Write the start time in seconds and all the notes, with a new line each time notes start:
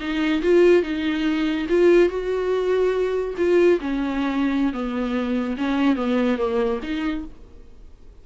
0.00 D#4
0.42 F4
0.83 D#4
1.69 F4
2.09 F#4
3.37 F4
3.81 C#4
4.73 B3
5.57 C#4
5.96 B3
6.38 A#3
6.83 D#4